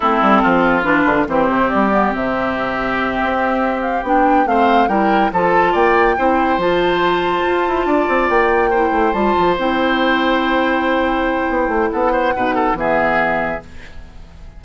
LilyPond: <<
  \new Staff \with { instrumentName = "flute" } { \time 4/4 \tempo 4 = 141 a'2 b'4 c''4 | d''4 e''2.~ | e''4 f''8 g''4 f''4 g''8~ | g''8 a''4 g''2 a''8~ |
a''2.~ a''8 g''8~ | g''4. a''4 g''4.~ | g''1 | fis''2 e''2 | }
  \new Staff \with { instrumentName = "oboe" } { \time 4/4 e'4 f'2 g'4~ | g'1~ | g'2~ g'8 c''4 ais'8~ | ais'8 a'4 d''4 c''4.~ |
c''2~ c''8 d''4.~ | d''8 c''2.~ c''8~ | c''1 | a'8 c''8 b'8 a'8 gis'2 | }
  \new Staff \with { instrumentName = "clarinet" } { \time 4/4 c'2 d'4 c'4~ | c'8 b8 c'2.~ | c'4. d'4 c'4 e'8~ | e'8 f'2 e'4 f'8~ |
f'1~ | f'8 e'4 f'4 e'4.~ | e'1~ | e'4 dis'4 b2 | }
  \new Staff \with { instrumentName = "bassoon" } { \time 4/4 a8 g8 f4 e8 d8 e8 c8 | g4 c2~ c8 c'8~ | c'4. b4 a4 g8~ | g8 f4 ais4 c'4 f8~ |
f4. f'8 e'8 d'8 c'8 ais8~ | ais4 a8 g8 f8 c'4.~ | c'2. b8 a8 | b4 b,4 e2 | }
>>